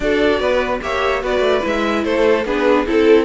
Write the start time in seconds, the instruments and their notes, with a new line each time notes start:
0.00 cello D4, viola F#4, violin A4 D5
0.39 cello B3, violin B4
0.82 cello A#3, viola G4, violin C#5 E5
1.22 cello B3, viola F#4, violin B4 D5
1.39 cello A3
1.60 cello G#3, viola E4, violin E5
2.04 cello A3, violin A4 C5
2.44 cello B3, viola D4, violin G#4 B4
2.86 cello C4, viola E4, violin A4